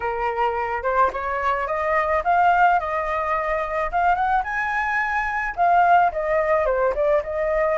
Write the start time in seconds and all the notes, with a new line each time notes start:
0.00 A#4
0.83 C5
1.12 C#5
1.67 D#5
2.24 F5
2.79 D#5
3.91 F5
4.15 F#5
4.43 G#5
5.56 F5
6.12 D#5
6.65 C5
6.94 D5
7.23 D#5